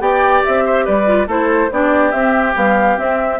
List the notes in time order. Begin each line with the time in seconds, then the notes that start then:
0.00 B3 G4 D5 G5
0.44 C4 E5
0.65 C5
0.85 G3 B4 D5
1.06 F4
1.27 A3 E4 A4 C5
1.71 B3 D4 G4 D5
2.12 C4 E5
2.55 G3 B3 F5
2.96 C4 E5